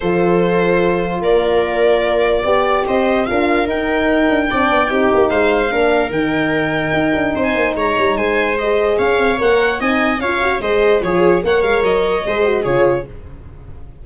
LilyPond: <<
  \new Staff \with { instrumentName = "violin" } { \time 4/4 \tempo 4 = 147 c''2. d''4~ | d''2. dis''4 | f''4 g''2.~ | g''4 f''2 g''4~ |
g''2~ g''16 gis''8. ais''4 | gis''4 dis''4 f''4 fis''4 | gis''4 f''4 dis''4 cis''4 | fis''8 f''8 dis''2 cis''4 | }
  \new Staff \with { instrumentName = "viola" } { \time 4/4 a'2. ais'4~ | ais'2 d''4 c''4 | ais'2. d''4 | g'4 c''4 ais'2~ |
ais'2 c''4 cis''4 | c''2 cis''2 | dis''4 cis''4 c''4 gis'4 | cis''2 c''4 gis'4 | }
  \new Staff \with { instrumentName = "horn" } { \time 4/4 f'1~ | f'2 g'2 | f'4 dis'2 d'4 | dis'2 d'4 dis'4~ |
dis'1~ | dis'4 gis'2 ais'4 | dis'4 f'8 fis'8 gis'4 f'4 | ais'2 gis'8 fis'8 f'4 | }
  \new Staff \with { instrumentName = "tuba" } { \time 4/4 f2. ais4~ | ais2 b4 c'4 | d'4 dis'4. d'8 c'8 b8 | c'8 ais8 gis4 ais4 dis4~ |
dis4 dis'8 d'8 c'8 ais8 gis8 g8 | gis2 cis'8 c'8 ais4 | c'4 cis'4 gis4 f4 | ais8 gis8 fis4 gis4 cis4 | }
>>